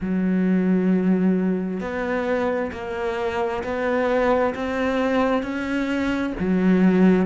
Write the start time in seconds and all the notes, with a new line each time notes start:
0.00 F#3
1.80 B3
2.72 A#3
3.63 B3
4.55 C4
5.43 C#4
6.39 F#3